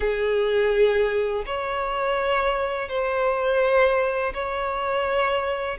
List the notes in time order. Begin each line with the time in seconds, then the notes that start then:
0.00 G#4
1.46 C#5
2.88 C5
4.33 C#5